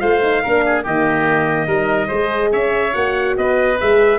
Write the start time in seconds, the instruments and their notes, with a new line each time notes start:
0.00 tuba A3, horn F4, oboe C5, trumpet F5
0.23 horn D#4
0.44 tuba A#3, horn D4, oboe A#4
0.66 oboe G#4
0.84 tuba D#3, horn A#3, oboe G4, trumpet D#5
1.67 tuba G3, horn D#4, oboe A#4
2.08 tuba G#3, horn G#4, oboe C5
2.52 tuba C#4, oboe C#5, trumpet E5
2.94 tuba A#3, horn F#4, trumpet F#5
3.38 tuba B3, oboe B4, trumpet D#5
3.81 tuba G#3, horn G#4, trumpet E5